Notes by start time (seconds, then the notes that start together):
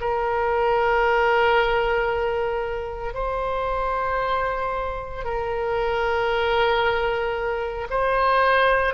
0.00 A#4
3.14 C5
5.24 A#4
7.89 C5